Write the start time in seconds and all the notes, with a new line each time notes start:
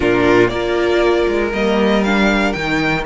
0.00 A#2 D4 F4 A#4
0.48 A#3 F4 A#4 D5
1.27 G#3
1.52 G3 A#3 D#5
2.03 D4 F5
2.52 D#3 D#4 G5